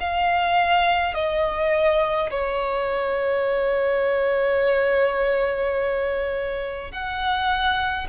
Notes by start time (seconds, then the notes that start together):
0.00 F5
1.14 D#5
2.30 C#5
6.91 F#5